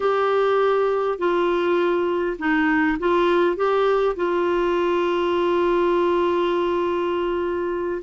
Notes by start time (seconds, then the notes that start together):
0.00 G4
1.18 F4
2.38 D#4
2.99 F4
3.56 G4
4.16 F4